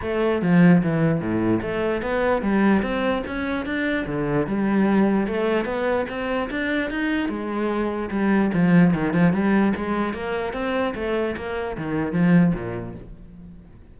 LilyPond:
\new Staff \with { instrumentName = "cello" } { \time 4/4 \tempo 4 = 148 a4 f4 e4 a,4 | a4 b4 g4 c'4 | cis'4 d'4 d4 g4~ | g4 a4 b4 c'4 |
d'4 dis'4 gis2 | g4 f4 dis8 f8 g4 | gis4 ais4 c'4 a4 | ais4 dis4 f4 ais,4 | }